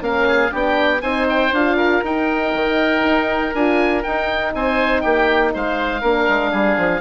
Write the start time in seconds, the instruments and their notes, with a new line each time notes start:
0.00 bassoon A#3, horn C#4, oboe A#4 F5
0.27 oboe G#4
0.51 bassoon B3, horn D4, oboe G4 G5
1.01 bassoon C4, horn D#4, oboe C5 G#5
1.29 oboe G5
1.51 bassoon D4, horn F4, oboe F5
1.76 oboe A#4
2.03 bassoon D#4, horn D#4, oboe G5
2.54 bassoon D#3
3.02 bassoon D#4
3.54 bassoon D4, horn F4, oboe G#5
4.03 horn D#4, bassoon D#4, oboe G5
4.54 bassoon C4, oboe C5 G#5
5.01 bassoon A#3, oboe G4 G5
5.53 bassoon G#3, oboe C5 F5
6.01 bassoon A#3, horn D4, oboe A#4
6.28 bassoon G#3
6.51 bassoon G3, oboe G#4
6.77 bassoon F3